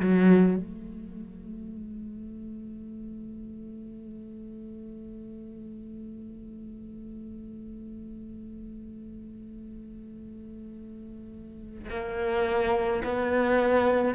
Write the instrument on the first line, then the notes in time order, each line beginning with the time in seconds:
cello
0.00 F#3
0.57 A3
11.90 A#3
13.04 B3